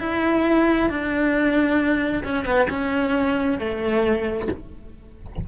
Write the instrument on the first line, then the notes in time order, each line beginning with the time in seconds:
cello
0.00 E4
0.90 D4
2.24 C#4
2.45 B3
2.69 C#4
3.59 A3